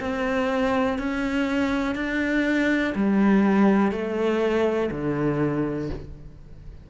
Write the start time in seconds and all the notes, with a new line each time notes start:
0.00 C4
0.99 C#4
1.95 D4
2.95 G3
3.92 A3
4.91 D3